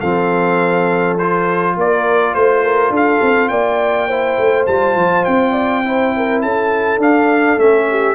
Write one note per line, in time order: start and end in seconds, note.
0.00 1.76 F3
0.00 1.19 C4
0.00 1.75 A4
0.00 1.17 F5
1.18 4.09 F4
1.18 1.76 C5
1.76 2.34 A#3
1.76 2.35 A#4
1.76 2.34 D5
2.34 2.90 A3
2.34 2.92 C5
2.34 2.64 C5
2.64 2.93 A#4
2.90 3.19 D4
2.90 3.50 A4
2.96 3.48 F5
3.22 3.50 C4
3.48 4.38 A#3
3.48 4.08 D5
3.48 4.65 G5
4.08 4.68 E4
4.08 5.52 C5
4.38 4.67 A3
4.66 4.96 G3
4.66 5.84 F4
4.66 5.25 A5
4.96 5.25 F3
5.25 6.43 C4
5.25 6.41 G5
5.52 5.81 D5
5.84 7.00 E4
5.84 6.15 C5
6.17 6.43 A#4
6.42 6.99 C#4
6.42 7.89 A4
6.42 7.00 A5
6.99 7.57 D4
6.99 7.58 D4
6.99 7.59 F5
7.58 8.15 A3
7.58 8.15 C#4
7.58 8.15 E5
7.90 8.15 G4